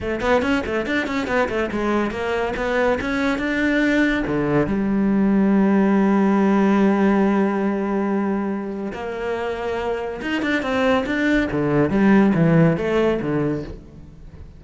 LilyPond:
\new Staff \with { instrumentName = "cello" } { \time 4/4 \tempo 4 = 141 a8 b8 cis'8 a8 d'8 cis'8 b8 a8 | gis4 ais4 b4 cis'4 | d'2 d4 g4~ | g1~ |
g1~ | g4 ais2. | dis'8 d'8 c'4 d'4 d4 | g4 e4 a4 d4 | }